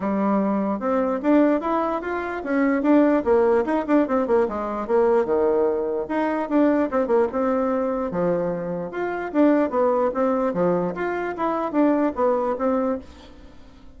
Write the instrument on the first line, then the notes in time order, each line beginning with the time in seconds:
bassoon
0.00 G3
0.79 C4
1.22 D4
1.61 E4
2.01 F4
2.43 C#4
2.82 D4
3.24 A#3
3.65 D#4
3.87 D4
4.07 C4
4.27 A#3
4.48 G#3
4.87 A#3
5.25 D#3
6.08 D#4
6.49 D4
6.90 C4
7.07 A#3
7.32 C4
8.11 F3
8.91 F4
9.32 D4
9.70 B3
10.14 C4
10.53 F3
10.94 F4
11.36 E4
11.72 D4
12.15 B3
12.58 C4